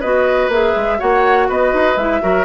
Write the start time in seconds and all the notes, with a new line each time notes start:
0.00 B3 F#4 B4 D#5
0.48 A#3 G#4 E5
0.76 G#3
0.98 A#3 F#4 C#5 F#5
1.48 B3 B4 D#5
1.73 D#4
1.97 G#3 E4 E5
2.21 F#3 F#4 A#4